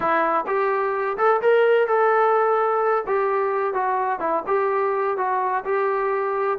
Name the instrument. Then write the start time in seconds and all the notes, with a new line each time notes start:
trombone
0.00 E4
0.46 G4
1.17 A4
1.41 A#4
1.87 A4
3.06 G4
3.73 F#4
4.19 E4
4.46 G4
5.17 F#4
5.64 G4